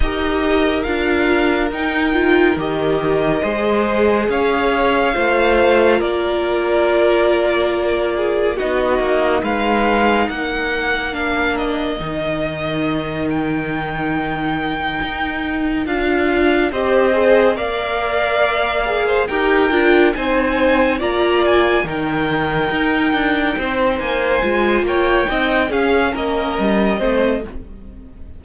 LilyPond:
<<
  \new Staff \with { instrumentName = "violin" } { \time 4/4 \tempo 4 = 70 dis''4 f''4 g''4 dis''4~ | dis''4 f''2 d''4~ | d''2 dis''4 f''4 | fis''4 f''8 dis''2 g''8~ |
g''2~ g''8 f''4 dis''8~ | dis''8 f''2 g''4 gis''8~ | gis''8 ais''8 gis''8 g''2~ g''8 | gis''4 g''4 f''8 dis''4. | }
  \new Staff \with { instrumentName = "violin" } { \time 4/4 ais'1 | c''4 cis''4 c''4 ais'4~ | ais'4. gis'8 fis'4 b'4 | ais'1~ |
ais'2.~ ais'8 c''8~ | c''8 d''4.~ d''16 c''16 ais'4 c''8~ | c''8 d''4 ais'2 c''8~ | c''4 cis''8 dis''8 gis'8 ais'4 c''8 | }
  \new Staff \with { instrumentName = "viola" } { \time 4/4 g'4 f'4 dis'8 f'8 g'4 | gis'2 f'2~ | f'2 dis'2~ | dis'4 d'4 dis'2~ |
dis'2~ dis'8 f'4 g'8 | gis'8 ais'4. gis'8 g'8 f'8 dis'8~ | dis'8 f'4 dis'2~ dis'8~ | dis'8 f'4 dis'8 cis'4. c'8 | }
  \new Staff \with { instrumentName = "cello" } { \time 4/4 dis'4 d'4 dis'4 dis4 | gis4 cis'4 a4 ais4~ | ais2 b8 ais8 gis4 | ais2 dis2~ |
dis4. dis'4 d'4 c'8~ | c'8 ais2 dis'8 d'8 c'8~ | c'8 ais4 dis4 dis'8 d'8 c'8 | ais8 gis8 ais8 c'8 cis'8 ais8 g8 a8 | }
>>